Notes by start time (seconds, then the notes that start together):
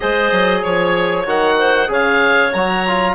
0.00 G#3 G#4 C5 D#5
0.31 F#3
0.60 F3 C#5
1.25 D#3 F#4 F#5
1.58 C5
1.87 C#3 G#4 C#5 F5
2.52 F#3 F#4 A#5
2.87 F4